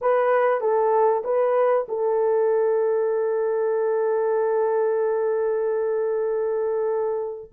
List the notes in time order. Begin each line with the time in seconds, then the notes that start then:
0.01 B4
0.60 A4
1.24 B4
1.88 A4